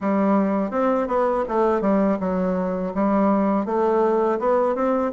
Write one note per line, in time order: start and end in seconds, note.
0.00 0.71 G3
0.71 1.07 C4
1.07 1.44 B3
1.48 1.81 A3
1.81 2.18 G3
2.20 2.93 F#3
2.94 3.66 G3
3.66 4.39 A3
4.39 4.75 B3
4.75 5.11 C4